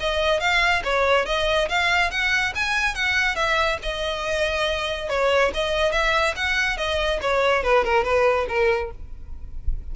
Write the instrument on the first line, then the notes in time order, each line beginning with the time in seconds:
violin
0.00 D#5
0.40 F5
0.84 C#5
1.26 D#5
1.69 F5
2.11 F#5
2.56 G#5
2.95 F#5
3.36 E5
3.82 D#5
5.09 C#5
5.54 D#5
5.92 E5
6.36 F#5
6.77 D#5
7.22 C#5
7.63 B4
7.85 A#4
8.04 B4
8.49 A#4